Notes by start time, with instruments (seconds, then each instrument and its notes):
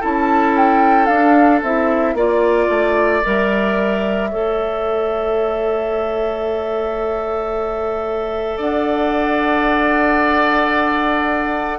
0.00 bassoon C#4, clarinet E4, oboe A4, flute A5
0.57 flute G5
1.06 bassoon D4, clarinet D4, flute F5
1.62 bassoon C4, clarinet E4, flute E5
2.14 bassoon A#3, clarinet F4, oboe D5, flute D5
2.69 bassoon A3
3.23 bassoon G3, clarinet A#4, flute E5
4.30 bassoon A3, clarinet A4, oboe C#5
8.57 bassoon D4, oboe D5, flute F#5